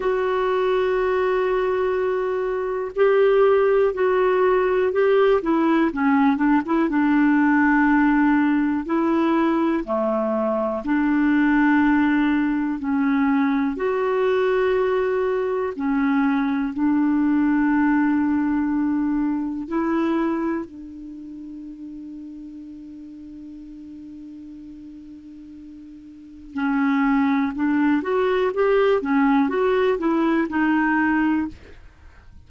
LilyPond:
\new Staff \with { instrumentName = "clarinet" } { \time 4/4 \tempo 4 = 61 fis'2. g'4 | fis'4 g'8 e'8 cis'8 d'16 e'16 d'4~ | d'4 e'4 a4 d'4~ | d'4 cis'4 fis'2 |
cis'4 d'2. | e'4 d'2.~ | d'2. cis'4 | d'8 fis'8 g'8 cis'8 fis'8 e'8 dis'4 | }